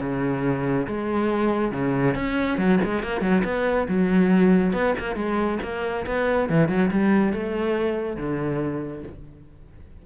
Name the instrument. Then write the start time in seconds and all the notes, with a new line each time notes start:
cello
0.00 C#3
0.87 G#3
1.72 C#3
2.15 C#4
2.57 F#3
2.84 G#3
3.03 A#3
3.21 F#3
3.44 B3
3.88 F#3
4.73 B3
4.99 A#3
5.15 G#3
5.62 A#3
6.06 B3
6.49 E3
6.68 F#3
6.91 G3
7.33 A3
8.16 D3